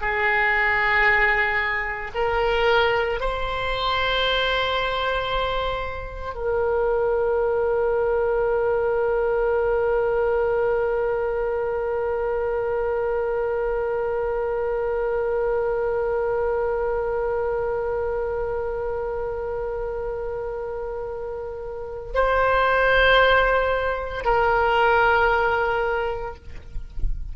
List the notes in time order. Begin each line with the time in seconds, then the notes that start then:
0.00 G#4
2.14 A#4
3.20 C5
6.34 A#4
22.14 C5
24.24 A#4